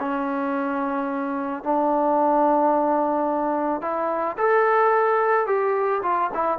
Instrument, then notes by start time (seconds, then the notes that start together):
trombone
0.00 C#4
1.64 D4
3.82 E4
4.38 A4
5.47 G4
6.03 F4
6.35 E4